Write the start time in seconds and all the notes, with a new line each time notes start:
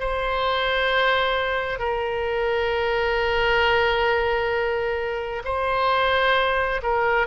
0.00 C5
1.79 A#4
5.45 C5
6.83 A#4